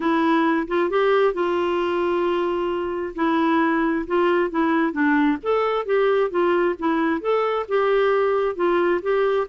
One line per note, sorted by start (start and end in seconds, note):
0.00 0.67 E4
0.67 0.90 F4
0.90 1.33 G4
1.33 3.14 F4
3.15 4.05 E4
4.06 4.50 F4
4.50 4.92 E4
4.92 5.37 D4
5.42 5.85 A4
5.85 6.30 G4
6.30 6.75 F4
6.78 7.20 E4
7.20 7.65 A4
7.68 8.55 G4
8.55 9.00 F4
9.02 9.47 G4